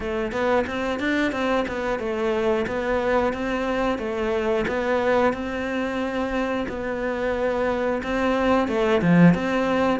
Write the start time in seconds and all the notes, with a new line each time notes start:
0.00 A3
0.32 B3
0.67 C4
0.99 D4
1.32 C4
1.68 B3
1.99 A3
2.67 B3
3.33 C4
3.98 A3
4.67 B3
5.33 C4
6.68 B3
8.03 C4
8.68 A3
9.01 F3
9.34 C4